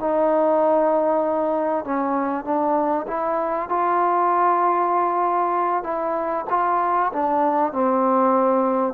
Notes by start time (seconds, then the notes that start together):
0.00 D#4
1.85 C#4
2.45 D4
3.08 E4
3.69 F4
5.84 E4
6.50 F4
7.13 D4
7.73 C4